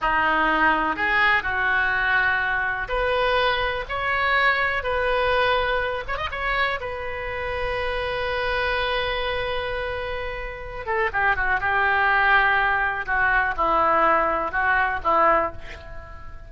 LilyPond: \new Staff \with { instrumentName = "oboe" } { \time 4/4 \tempo 4 = 124 dis'2 gis'4 fis'4~ | fis'2 b'2 | cis''2 b'2~ | b'8 cis''16 dis''16 cis''4 b'2~ |
b'1~ | b'2~ b'8 a'8 g'8 fis'8 | g'2. fis'4 | e'2 fis'4 e'4 | }